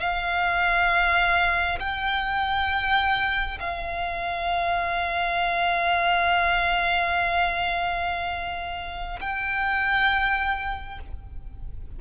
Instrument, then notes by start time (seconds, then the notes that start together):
violin
0.00 F5
1.80 G5
3.60 F5
9.20 G5